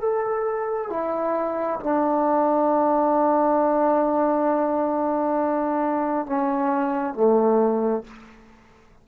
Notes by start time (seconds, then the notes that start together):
0.00 A4
0.90 E4
1.80 D4
6.26 C#4
7.14 A3